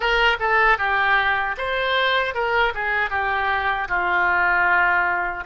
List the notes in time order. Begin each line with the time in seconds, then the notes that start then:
0.00 A#4
0.39 A4
0.78 G4
1.57 C5
2.34 A#4
2.74 G#4
3.10 G4
3.88 F4